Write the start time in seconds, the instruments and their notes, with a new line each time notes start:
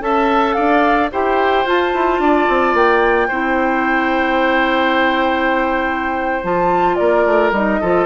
0.00 bassoon C#4, clarinet A4, oboe E5, flute A5
0.53 bassoon D4, oboe D5, flute F5
1.11 bassoon E4, clarinet G4, oboe C5, flute G5
1.65 bassoon F4, clarinet F4, flute A5
1.93 bassoon E4
2.19 bassoon D4, oboe D5
2.48 bassoon C4
2.74 bassoon A#3, flute G5
3.27 bassoon C4, clarinet E4, oboe C5
6.43 bassoon F3, clarinet F4, flute A5
6.95 bassoon A#3, oboe A#4, flute D5
7.25 bassoon A3
7.51 bassoon G3, clarinet D#4, flute D#5
7.80 bassoon F3, clarinet F4, oboe A4